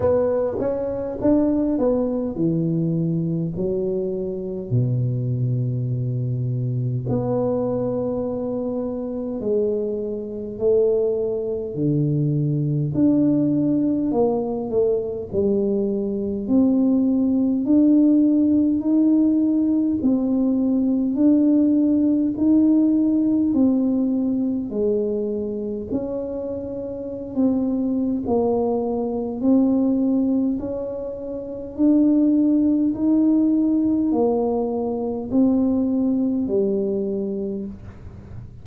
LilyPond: \new Staff \with { instrumentName = "tuba" } { \time 4/4 \tempo 4 = 51 b8 cis'8 d'8 b8 e4 fis4 | b,2 b2 | gis4 a4 d4 d'4 | ais8 a8 g4 c'4 d'4 |
dis'4 c'4 d'4 dis'4 | c'4 gis4 cis'4~ cis'16 c'8. | ais4 c'4 cis'4 d'4 | dis'4 ais4 c'4 g4 | }